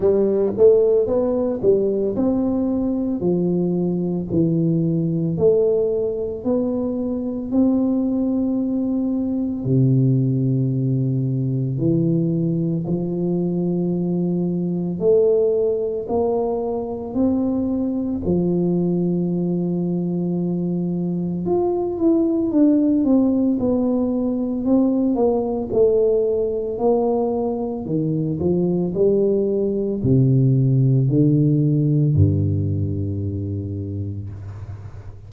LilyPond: \new Staff \with { instrumentName = "tuba" } { \time 4/4 \tempo 4 = 56 g8 a8 b8 g8 c'4 f4 | e4 a4 b4 c'4~ | c'4 c2 e4 | f2 a4 ais4 |
c'4 f2. | f'8 e'8 d'8 c'8 b4 c'8 ais8 | a4 ais4 dis8 f8 g4 | c4 d4 g,2 | }